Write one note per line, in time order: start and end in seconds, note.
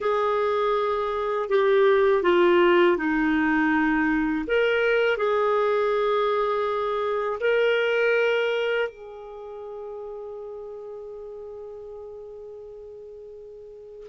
0.00 1.48 G#4
1.49 2.23 G4
2.23 2.97 F4
2.97 4.45 D#4
4.47 5.17 A#4
5.17 7.39 G#4
7.40 8.88 A#4
8.89 14.07 G#4